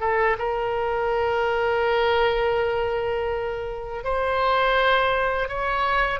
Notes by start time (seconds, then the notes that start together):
0.00 A4
0.38 A#4
4.04 C5
5.48 C#5